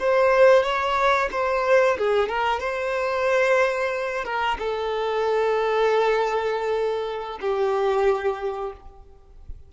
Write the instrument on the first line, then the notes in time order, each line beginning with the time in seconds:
violin
0.00 C5
0.64 C#5
1.32 C5
1.99 G#4
2.29 A#4
2.60 C5
4.25 A#4
4.59 A4
7.41 G4